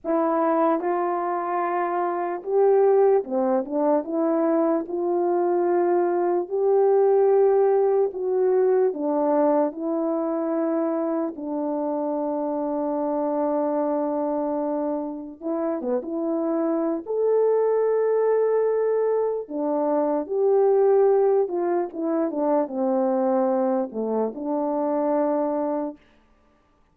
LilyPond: \new Staff \with { instrumentName = "horn" } { \time 4/4 \tempo 4 = 74 e'4 f'2 g'4 | c'8 d'8 e'4 f'2 | g'2 fis'4 d'4 | e'2 d'2~ |
d'2. e'8 b16 e'16~ | e'4 a'2. | d'4 g'4. f'8 e'8 d'8 | c'4. a8 d'2 | }